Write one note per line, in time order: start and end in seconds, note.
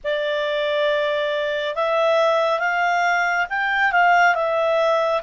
0.04 1.75 D5
1.75 2.59 E5
2.59 3.46 F5
3.49 3.91 G5
3.91 4.34 F5
4.34 5.21 E5